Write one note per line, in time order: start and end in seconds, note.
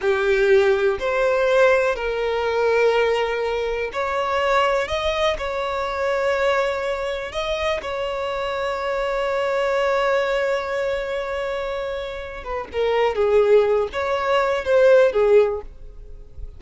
0.01 0.98 G4
0.99 1.95 C5
1.95 3.90 A#4
3.93 4.88 C#5
4.88 5.36 D#5
5.37 7.31 C#5
7.31 7.80 D#5
7.82 12.44 C#5
12.44 12.68 B4
12.72 13.15 A#4
13.15 13.88 G#4
13.92 14.64 C#5
14.64 15.12 C5
15.12 15.61 G#4